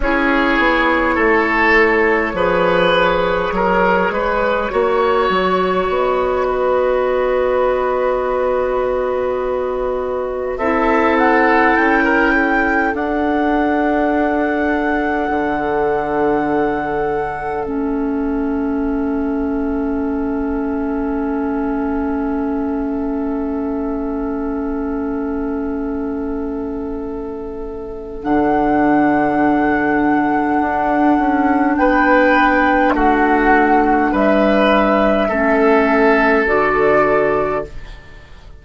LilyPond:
<<
  \new Staff \with { instrumentName = "flute" } { \time 4/4 \tempo 4 = 51 cis''1~ | cis''4 dis''2.~ | dis''4 e''8 fis''8 g''4 fis''4~ | fis''2. e''4~ |
e''1~ | e''1 | fis''2. g''4 | fis''4 e''2 d''4 | }
  \new Staff \with { instrumentName = "oboe" } { \time 4/4 gis'4 a'4 b'4 ais'8 b'8 | cis''4. b'2~ b'8~ | b'4 a'4~ a'16 ais'16 a'4.~ | a'1~ |
a'1~ | a'1~ | a'2. b'4 | fis'4 b'4 a'2 | }
  \new Staff \with { instrumentName = "clarinet" } { \time 4/4 e'2 gis'2 | fis'1~ | fis'4 e'2 d'4~ | d'2. cis'4~ |
cis'1~ | cis'1 | d'1~ | d'2 cis'4 fis'4 | }
  \new Staff \with { instrumentName = "bassoon" } { \time 4/4 cis'8 b8 a4 f4 fis8 gis8 | ais8 fis8 b2.~ | b4 c'4 cis'4 d'4~ | d'4 d2 a4~ |
a1~ | a1 | d2 d'8 cis'8 b4 | a4 g4 a4 d4 | }
>>